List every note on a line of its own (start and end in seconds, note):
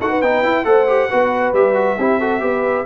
0.00 0.22 D#4
0.00 0.23 F#4
0.00 0.09 A4
0.00 0.22 F#5
0.09 0.64 B4
0.22 0.43 B3
0.22 0.44 D#4
0.22 0.65 G5
0.43 0.65 E4
0.65 1.09 A3
0.65 0.87 A4
0.65 1.10 C5
0.65 1.53 F#5
0.87 1.10 G4
1.10 1.53 B3
1.10 1.55 F#4
1.10 1.98 B4
1.53 1.97 G3
1.53 1.74 G4
1.53 2.86 E5
1.74 1.96 F#4
1.98 2.41 C4
1.98 2.21 E4
1.98 2.19 G4
2.19 2.40 F#4
2.19 2.41 A4
2.40 2.86 B3
2.40 2.85 G4
2.40 2.86 B4